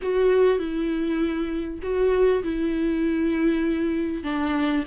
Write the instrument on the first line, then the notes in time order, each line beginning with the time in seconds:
viola
0.02 F#4
0.58 E4
1.82 F#4
2.43 E4
4.23 D4